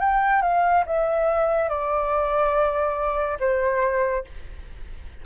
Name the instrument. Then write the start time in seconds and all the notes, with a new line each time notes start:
flute
0.00 G5
0.42 F5
0.86 E5
1.69 D5
3.40 C5